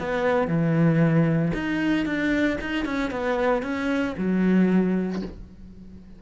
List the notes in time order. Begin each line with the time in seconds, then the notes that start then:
0.00 B3
0.48 E3
1.54 D#4
2.06 D4
2.61 D#4
2.86 C#4
3.11 B3
3.63 C#4
4.18 F#3